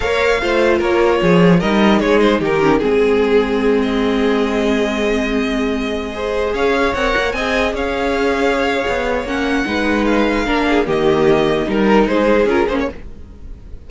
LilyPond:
<<
  \new Staff \with { instrumentName = "violin" } { \time 4/4 \tempo 4 = 149 f''2 cis''2 | dis''4 cis''8 c''8 ais'4 gis'4~ | gis'4. dis''2~ dis''8~ | dis''1~ |
dis''16 f''4 fis''4 gis''4 f''8.~ | f''2. fis''4~ | fis''4 f''2 dis''4~ | dis''4 ais'4 c''4 ais'8 c''16 cis''16 | }
  \new Staff \with { instrumentName = "violin" } { \time 4/4 cis''4 c''4 ais'4 gis'4 | ais'4 gis'4 g'4 gis'4~ | gis'1~ | gis'2.~ gis'16 c''8.~ |
c''16 cis''2 dis''4 cis''8.~ | cis''1 | b'2 ais'8 gis'8 g'4~ | g'4 ais'4 gis'2 | }
  \new Staff \with { instrumentName = "viola" } { \time 4/4 ais'4 f'2. | dis'2~ dis'8 cis'8 c'4~ | c'1~ | c'2.~ c'16 gis'8.~ |
gis'4~ gis'16 ais'4 gis'4.~ gis'16~ | gis'2. cis'4 | dis'2 d'4 ais4~ | ais4 dis'2 f'8 cis'8 | }
  \new Staff \with { instrumentName = "cello" } { \time 4/4 ais4 a4 ais4 f4 | g4 gis4 dis4 gis4~ | gis1~ | gis1~ |
gis16 cis'4 c'8 ais8 c'4 cis'8.~ | cis'2 b4 ais4 | gis2 ais4 dis4~ | dis4 g4 gis4 cis'8 ais8 | }
>>